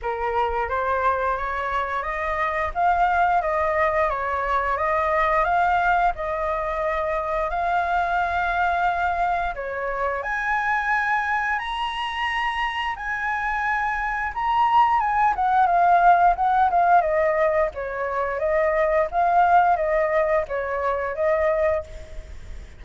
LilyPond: \new Staff \with { instrumentName = "flute" } { \time 4/4 \tempo 4 = 88 ais'4 c''4 cis''4 dis''4 | f''4 dis''4 cis''4 dis''4 | f''4 dis''2 f''4~ | f''2 cis''4 gis''4~ |
gis''4 ais''2 gis''4~ | gis''4 ais''4 gis''8 fis''8 f''4 | fis''8 f''8 dis''4 cis''4 dis''4 | f''4 dis''4 cis''4 dis''4 | }